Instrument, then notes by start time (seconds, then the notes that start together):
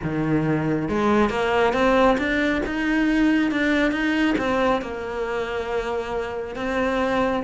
cello
0.03 D#3
0.88 G#3
1.29 A#3
1.73 C4
2.18 D4
2.66 D#4
3.51 D4
3.91 D#4
4.38 C4
4.81 A#3
6.55 C4